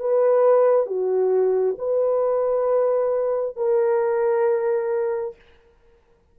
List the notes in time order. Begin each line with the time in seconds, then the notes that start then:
0.00 B4
0.87 F#4
1.79 B4
3.57 A#4